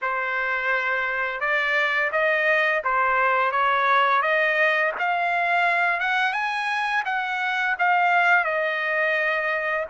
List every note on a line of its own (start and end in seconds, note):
0.01 1.40 C5
1.40 2.10 D5
2.11 2.82 D#5
2.84 3.51 C5
3.51 4.22 C#5
4.22 4.92 D#5
4.98 5.99 F5
5.99 6.32 F#5
6.32 7.03 G#5
7.05 7.76 F#5
7.78 8.44 F5
8.44 9.85 D#5